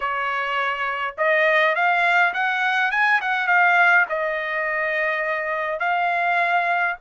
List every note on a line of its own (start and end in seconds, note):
0.00 1.15 C#5
1.17 1.75 D#5
1.75 2.33 F5
2.33 2.91 F#5
2.91 3.20 G#5
3.21 3.47 F#5
3.47 4.05 F5
4.09 5.79 D#5
5.79 6.96 F5